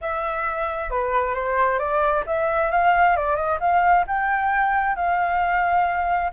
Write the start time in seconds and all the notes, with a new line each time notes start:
0.01 E5
0.90 B4
1.34 C5
1.78 D5
2.26 E5
2.71 F5
3.16 D5
3.36 D#5
3.60 F5
4.07 G5
4.95 F5